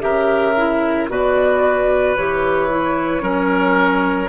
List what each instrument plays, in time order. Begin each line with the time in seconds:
0.00 bassoon C#3, clarinet G4, oboe A#4, flute E5
0.57 clarinet E4
1.09 bassoon B2, clarinet F#4, oboe B4, flute D5
2.16 bassoon E3, clarinet G4, flute C#5
2.70 clarinet E4
3.21 bassoon F#3, clarinet C#4, oboe A#4